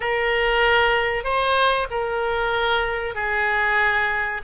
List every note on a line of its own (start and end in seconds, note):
0.00 1.24 A#4
1.24 1.87 C5
1.90 3.14 A#4
3.14 4.41 G#4